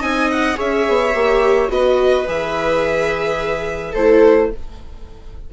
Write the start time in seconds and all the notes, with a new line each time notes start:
0.00 C4 D#4 D#5 G#5
0.31 F#5
0.55 C#4 G#4 C#5 E5
0.88 B3
1.15 A#3 G4
1.69 B3 F#4 B4 D#5
2.28 E3 G#4 E5
3.92 A3 E4 A4 C5